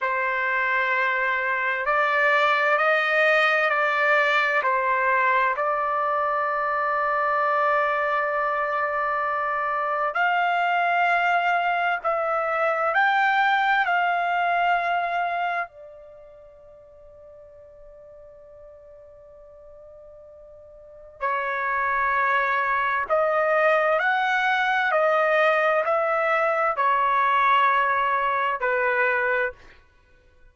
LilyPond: \new Staff \with { instrumentName = "trumpet" } { \time 4/4 \tempo 4 = 65 c''2 d''4 dis''4 | d''4 c''4 d''2~ | d''2. f''4~ | f''4 e''4 g''4 f''4~ |
f''4 d''2.~ | d''2. cis''4~ | cis''4 dis''4 fis''4 dis''4 | e''4 cis''2 b'4 | }